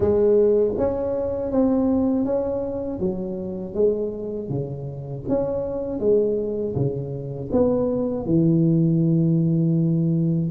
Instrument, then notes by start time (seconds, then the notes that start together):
tuba
0.00 G#3
0.77 C#4
1.51 C4
2.25 C#4
2.99 F#3
3.74 G#3
4.49 C#3
5.28 C#4
5.99 G#3
6.75 C#3
7.52 B3
8.25 E3